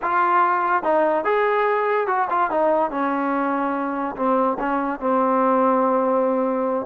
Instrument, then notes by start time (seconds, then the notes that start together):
trombone
0.02 F4
0.83 D#4
1.24 G#4
2.07 F#4
2.30 F4
2.50 D#4
2.90 C#4
4.16 C4
4.59 C#4
5.00 C4